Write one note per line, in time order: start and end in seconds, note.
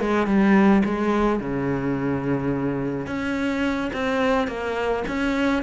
0.00 0.26 G#3
0.26 0.82 G3
0.85 1.40 G#3
1.40 3.07 C#3
3.07 3.91 C#4
3.93 4.47 C4
4.47 5.03 A#3
5.08 5.63 C#4